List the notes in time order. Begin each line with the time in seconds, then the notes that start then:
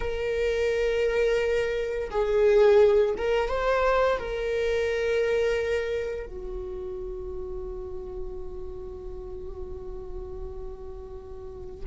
0.00 A#4
2.10 G#4
3.17 A#4
3.49 C5
4.19 A#4
6.26 F#4